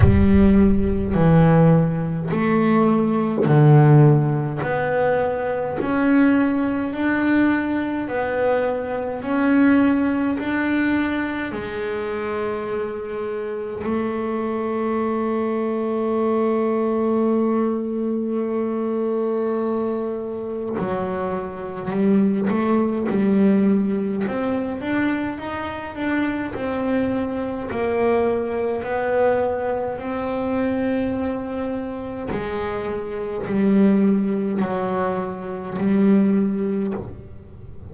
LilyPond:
\new Staff \with { instrumentName = "double bass" } { \time 4/4 \tempo 4 = 52 g4 e4 a4 d4 | b4 cis'4 d'4 b4 | cis'4 d'4 gis2 | a1~ |
a2 fis4 g8 a8 | g4 c'8 d'8 dis'8 d'8 c'4 | ais4 b4 c'2 | gis4 g4 fis4 g4 | }